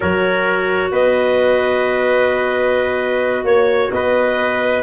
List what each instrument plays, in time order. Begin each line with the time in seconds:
0.00 tuba F#3, clarinet F#4 C#5, trumpet A#4
0.90 tuba B3, trumpet B4, clarinet D#5
3.43 tuba A#3, trumpet C#5, clarinet C#5
3.91 tuba B3, trumpet B4, clarinet D#5